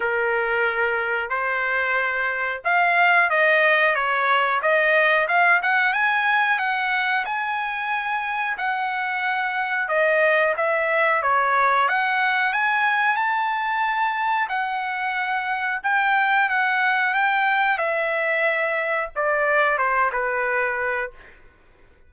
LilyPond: \new Staff \with { instrumentName = "trumpet" } { \time 4/4 \tempo 4 = 91 ais'2 c''2 | f''4 dis''4 cis''4 dis''4 | f''8 fis''8 gis''4 fis''4 gis''4~ | gis''4 fis''2 dis''4 |
e''4 cis''4 fis''4 gis''4 | a''2 fis''2 | g''4 fis''4 g''4 e''4~ | e''4 d''4 c''8 b'4. | }